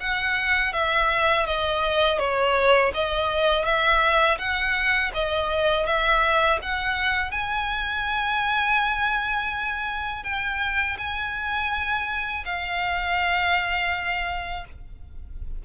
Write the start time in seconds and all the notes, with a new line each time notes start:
0.00 F#5
0.73 E5
1.46 D#5
2.19 C#5
2.94 D#5
3.65 E5
4.38 F#5
5.14 D#5
5.86 E5
6.62 F#5
7.31 G#5
10.23 G5
10.98 G#5
12.45 F5